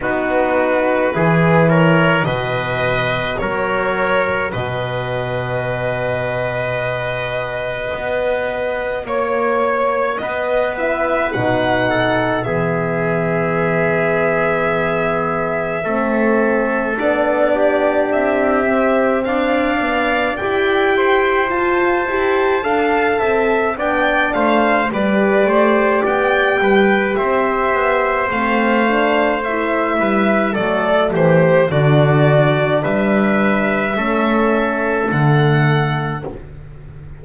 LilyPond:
<<
  \new Staff \with { instrumentName = "violin" } { \time 4/4 \tempo 4 = 53 b'4. cis''8 dis''4 cis''4 | dis''1 | cis''4 dis''8 e''8 fis''4 e''4~ | e''2. d''4 |
e''4 f''4 g''4 a''4~ | a''4 g''8 f''8 d''4 g''4 | e''4 f''4 e''4 d''8 c''8 | d''4 e''2 fis''4 | }
  \new Staff \with { instrumentName = "trumpet" } { \time 4/4 fis'4 gis'8 ais'8 b'4 ais'4 | b'1 | cis''4 b'4. a'8 gis'4~ | gis'2 a'4. g'8~ |
g'4 d''4. c''4. | f''8 e''8 d''8 c''8 b'8 c''8 d''8 b'8 | c''2~ c''8 b'8 a'8 g'8 | fis'4 b'4 a'2 | }
  \new Staff \with { instrumentName = "horn" } { \time 4/4 dis'4 e'4 fis'2~ | fis'1~ | fis'4. e'8 dis'4 b4~ | b2 c'4 d'4~ |
d'8 c'4 b8 g'4 f'8 g'8 | a'4 d'4 g'2~ | g'4 c'8 d'8 e'4 a4 | d'2 cis'4 a4 | }
  \new Staff \with { instrumentName = "double bass" } { \time 4/4 b4 e4 b,4 fis4 | b,2. b4 | ais4 b4 b,4 e4~ | e2 a4 b4 |
c'4 d'4 e'4 f'8 e'8 | d'8 c'8 b8 a8 g8 a8 b8 g8 | c'8 b8 a4. g8 fis8 e8 | d4 g4 a4 d4 | }
>>